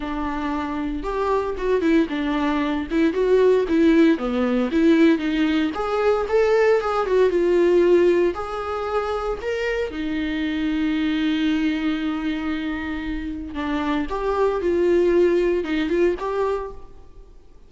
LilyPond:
\new Staff \with { instrumentName = "viola" } { \time 4/4 \tempo 4 = 115 d'2 g'4 fis'8 e'8 | d'4. e'8 fis'4 e'4 | b4 e'4 dis'4 gis'4 | a'4 gis'8 fis'8 f'2 |
gis'2 ais'4 dis'4~ | dis'1~ | dis'2 d'4 g'4 | f'2 dis'8 f'8 g'4 | }